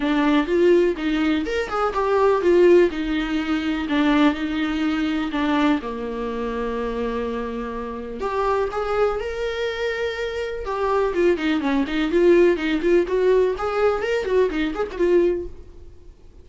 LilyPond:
\new Staff \with { instrumentName = "viola" } { \time 4/4 \tempo 4 = 124 d'4 f'4 dis'4 ais'8 gis'8 | g'4 f'4 dis'2 | d'4 dis'2 d'4 | ais1~ |
ais4 g'4 gis'4 ais'4~ | ais'2 g'4 f'8 dis'8 | cis'8 dis'8 f'4 dis'8 f'8 fis'4 | gis'4 ais'8 fis'8 dis'8 gis'16 fis'16 f'4 | }